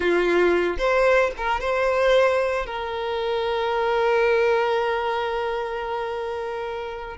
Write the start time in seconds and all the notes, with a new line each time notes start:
0.00 F4
0.77 C5
1.37 A#4
1.60 C5
2.65 A#4